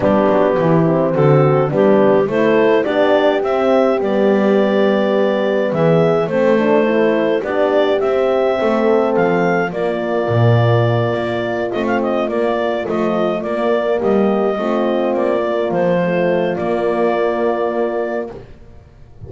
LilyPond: <<
  \new Staff \with { instrumentName = "clarinet" } { \time 4/4 \tempo 4 = 105 g'2 a'4 g'4 | c''4 d''4 e''4 d''4~ | d''2 e''4 c''4~ | c''4 d''4 e''2 |
f''4 d''2.~ | d''8 dis''16 f''16 dis''8 d''4 dis''4 d''8~ | d''8 dis''2 d''4 c''8~ | c''4 d''2. | }
  \new Staff \with { instrumentName = "horn" } { \time 4/4 d'4 e'4 fis'4 d'4 | a'4 g'2.~ | g'2 gis'4 a'4~ | a'4 g'2 a'4~ |
a'4 f'2.~ | f'1~ | f'8 g'4 f'2~ f'8~ | f'1 | }
  \new Staff \with { instrumentName = "horn" } { \time 4/4 b4. c'4. b4 | e'4 d'4 c'4 b4~ | b2. c'8 d'8 | e'4 d'4 c'2~ |
c'4 ais2.~ | ais8 c'4 ais4 f4 ais8~ | ais4. c'4. ais4 | a4 ais2. | }
  \new Staff \with { instrumentName = "double bass" } { \time 4/4 g8 fis8 e4 d4 g4 | a4 b4 c'4 g4~ | g2 e4 a4~ | a4 b4 c'4 a4 |
f4 ais4 ais,4. ais8~ | ais8 a4 ais4 a4 ais8~ | ais8 g4 a4 ais4 f8~ | f4 ais2. | }
>>